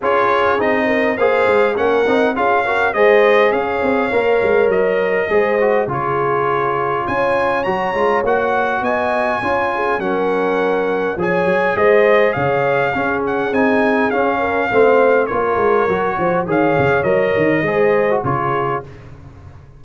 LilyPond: <<
  \new Staff \with { instrumentName = "trumpet" } { \time 4/4 \tempo 4 = 102 cis''4 dis''4 f''4 fis''4 | f''4 dis''4 f''2 | dis''2 cis''2 | gis''4 ais''4 fis''4 gis''4~ |
gis''4 fis''2 gis''4 | dis''4 f''4. fis''8 gis''4 | f''2 cis''2 | f''4 dis''2 cis''4 | }
  \new Staff \with { instrumentName = "horn" } { \time 4/4 gis'4. ais'8 c''4 ais'4 | gis'8 ais'8 c''4 cis''2~ | cis''4 c''4 gis'2 | cis''2. dis''4 |
cis''8 gis'8 ais'2 cis''4 | c''4 cis''4 gis'2~ | gis'8 ais'8 c''4 ais'4. c''8 | cis''2 c''4 gis'4 | }
  \new Staff \with { instrumentName = "trombone" } { \time 4/4 f'4 dis'4 gis'4 cis'8 dis'8 | f'8 fis'8 gis'2 ais'4~ | ais'4 gis'8 fis'8 f'2~ | f'4 fis'8 f'8 fis'2 |
f'4 cis'2 gis'4~ | gis'2 cis'4 dis'4 | cis'4 c'4 f'4 fis'4 | gis'4 ais'4 gis'8. fis'16 f'4 | }
  \new Staff \with { instrumentName = "tuba" } { \time 4/4 cis'4 c'4 ais8 gis8 ais8 c'8 | cis'4 gis4 cis'8 c'8 ais8 gis8 | fis4 gis4 cis2 | cis'4 fis8 gis8 ais4 b4 |
cis'4 fis2 f8 fis8 | gis4 cis4 cis'4 c'4 | cis'4 a4 ais8 gis8 fis8 f8 | dis8 cis8 fis8 dis8 gis4 cis4 | }
>>